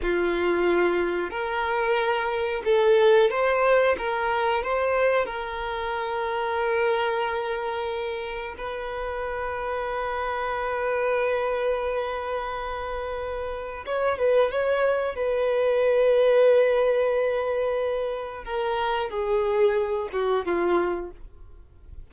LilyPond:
\new Staff \with { instrumentName = "violin" } { \time 4/4 \tempo 4 = 91 f'2 ais'2 | a'4 c''4 ais'4 c''4 | ais'1~ | ais'4 b'2.~ |
b'1~ | b'4 cis''8 b'8 cis''4 b'4~ | b'1 | ais'4 gis'4. fis'8 f'4 | }